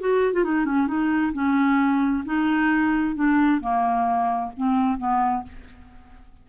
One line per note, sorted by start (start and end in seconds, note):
0.00 0.33 F#4
0.33 0.44 F4
0.44 0.65 D#4
0.65 0.87 C#4
0.87 1.33 D#4
1.33 2.24 C#4
2.25 3.15 D#4
3.15 3.61 D4
3.61 4.52 A#3
4.57 4.98 C4
4.98 5.43 B3